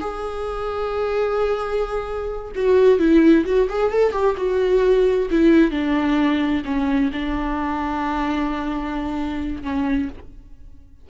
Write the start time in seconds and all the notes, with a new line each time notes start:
0.00 G#4
2.55 F#4
2.99 E4
3.45 F#4
3.69 G#4
3.92 A4
4.12 G4
4.37 F#4
5.30 E4
5.71 D4
6.65 C#4
7.12 D4
9.63 C#4